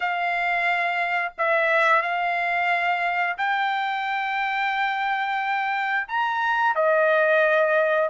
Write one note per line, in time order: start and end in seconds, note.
0.00 1.32 F5
1.38 2.02 E5
2.02 3.36 F5
3.37 6.07 G5
6.08 6.75 A#5
6.75 8.09 D#5